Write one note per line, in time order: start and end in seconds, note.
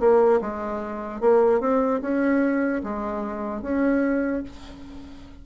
0.00 0.41 A#3
0.41 1.21 G#3
1.21 1.60 A#3
1.60 2.01 C4
2.01 2.82 C#4
2.84 3.62 G#3
3.62 4.43 C#4